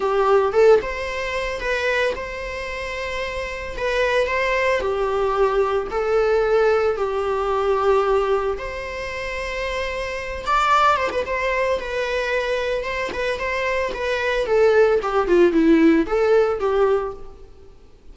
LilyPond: \new Staff \with { instrumentName = "viola" } { \time 4/4 \tempo 4 = 112 g'4 a'8 c''4. b'4 | c''2. b'4 | c''4 g'2 a'4~ | a'4 g'2. |
c''2.~ c''8 d''8~ | d''8 c''16 b'16 c''4 b'2 | c''8 b'8 c''4 b'4 a'4 | g'8 f'8 e'4 a'4 g'4 | }